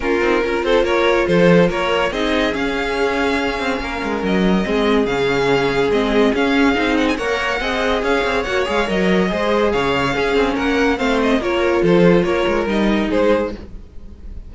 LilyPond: <<
  \new Staff \with { instrumentName = "violin" } { \time 4/4 \tempo 4 = 142 ais'4. c''8 cis''4 c''4 | cis''4 dis''4 f''2~ | f''2 dis''2 | f''2 dis''4 f''4~ |
f''8 fis''16 gis''16 fis''2 f''4 | fis''8 f''8 dis''2 f''4~ | f''4 fis''4 f''8 dis''8 cis''4 | c''4 cis''4 dis''4 c''4 | }
  \new Staff \with { instrumentName = "violin" } { \time 4/4 f'4 ais'8 a'8 ais'4 a'4 | ais'4 gis'2.~ | gis'4 ais'2 gis'4~ | gis'1~ |
gis'4 cis''4 dis''4 cis''4~ | cis''2 c''4 cis''4 | gis'4 ais'4 c''4 ais'4 | a'4 ais'2 gis'4 | }
  \new Staff \with { instrumentName = "viola" } { \time 4/4 cis'8 dis'8 f'2.~ | f'4 dis'4 cis'2~ | cis'2. c'4 | cis'2 c'4 cis'4 |
dis'4 ais'4 gis'2 | fis'8 gis'8 ais'4 gis'2 | cis'2 c'4 f'4~ | f'2 dis'2 | }
  \new Staff \with { instrumentName = "cello" } { \time 4/4 ais8 c'8 cis'8 c'8 ais4 f4 | ais4 c'4 cis'2~ | cis'8 c'8 ais8 gis8 fis4 gis4 | cis2 gis4 cis'4 |
c'4 ais4 c'4 cis'8 c'8 | ais8 gis8 fis4 gis4 cis4 | cis'8 c'8 ais4 a4 ais4 | f4 ais8 gis8 g4 gis4 | }
>>